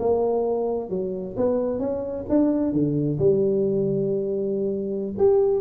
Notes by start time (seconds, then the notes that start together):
0.00 A#3
0.90 F#3
1.37 B3
1.80 C#4
2.29 D4
2.73 D3
3.19 G3
5.19 G4